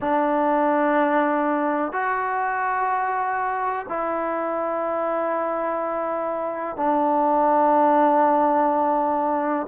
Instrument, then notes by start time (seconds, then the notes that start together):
trombone
0.00 D4
1.92 F#4
3.88 E4
6.76 D4